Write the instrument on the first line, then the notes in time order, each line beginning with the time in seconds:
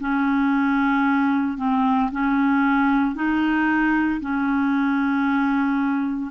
clarinet
0.00 C#4
1.58 C4
2.12 C#4
3.15 D#4
4.21 C#4